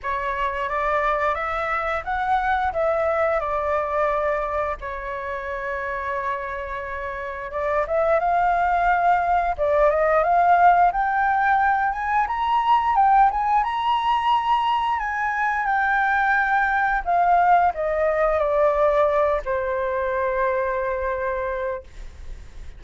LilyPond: \new Staff \with { instrumentName = "flute" } { \time 4/4 \tempo 4 = 88 cis''4 d''4 e''4 fis''4 | e''4 d''2 cis''4~ | cis''2. d''8 e''8 | f''2 d''8 dis''8 f''4 |
g''4. gis''8 ais''4 g''8 gis''8 | ais''2 gis''4 g''4~ | g''4 f''4 dis''4 d''4~ | d''8 c''2.~ c''8 | }